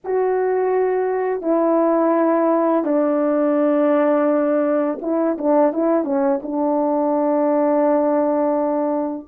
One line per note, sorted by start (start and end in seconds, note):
0.04 1.41 F#4
1.41 2.84 E4
2.84 4.98 D4
5.01 5.37 E4
5.38 5.72 D4
5.72 6.04 E4
6.04 6.40 C#4
6.42 9.28 D4